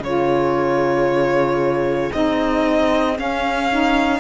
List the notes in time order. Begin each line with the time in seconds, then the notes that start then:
0.00 C#3 F4 G#4 C#5
2.12 C4 D#4 D#5
3.16 C#4 F5
3.69 D#4